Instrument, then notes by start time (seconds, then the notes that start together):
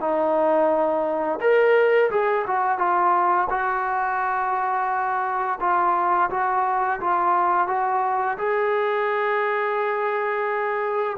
trombone
0.00 D#4
1.40 A#4
2.10 G#4
2.47 F#4
2.78 F4
3.49 F#4
5.60 F4
6.30 F#4
7.00 F4
7.67 F#4
8.38 G#4